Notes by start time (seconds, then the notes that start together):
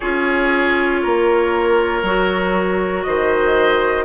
0.00 C#4 F4 G#4 C#5
1.02 A#3 A#4
2.02 F#3 F#4
3.03 D#3 C5 D#5